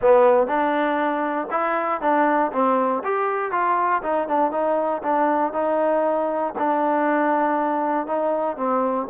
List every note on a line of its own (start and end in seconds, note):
0.01 0.47 B3
0.47 1.48 D4
1.50 2.01 E4
2.01 2.51 D4
2.52 3.03 C4
3.04 3.51 G4
3.51 4.02 F4
4.02 4.28 D#4
4.28 4.51 D4
4.51 5.02 D#4
5.02 5.53 D4
5.53 6.53 D#4
6.58 8.06 D4
8.06 8.56 D#4
8.56 9.07 C4